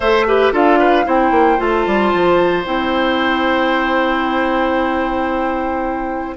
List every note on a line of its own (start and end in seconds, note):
0.00 0.51 A3
0.00 0.27 A4
0.00 0.25 C5
0.00 0.53 E5
0.27 0.53 G4
0.27 0.53 B4
0.52 1.05 D4
0.52 1.04 F4
0.52 0.78 A4
0.52 1.08 F5
0.78 1.05 B4
1.04 1.31 C4
1.04 1.57 E4
1.04 6.36 C5
1.04 1.60 G5
1.31 1.57 A#3
1.57 1.86 A3
1.57 2.63 F4
1.57 2.65 A5
1.86 2.12 G3
2.13 2.66 F3
2.64 6.36 C4
2.64 6.36 E4
2.64 6.36 G5